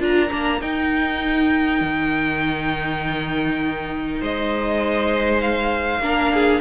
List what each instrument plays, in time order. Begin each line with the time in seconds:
0.00 cello D4, viola F4, violin A#4 A#5
0.31 cello A#3, viola D4
0.61 cello D#4, viola D#4, violin G5
1.81 cello D#3
4.21 cello G#3, violin C5 D#5
5.41 violin F5
5.99 cello A#3, viola D4, violin A#4
6.34 violin G#4